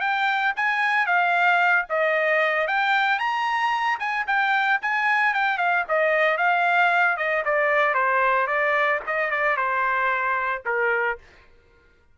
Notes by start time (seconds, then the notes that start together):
0.00 G5
0.56 G#5
1.06 F5
1.89 D#5
2.67 G5
3.19 A#5
3.99 G#5
4.27 G5
4.82 G#5
5.34 G5
5.58 F5
5.88 D#5
6.37 F5
7.17 D#5
7.45 D5
7.94 C5
8.47 D5
9.07 D#5
9.31 D5
9.56 C5
10.65 A#4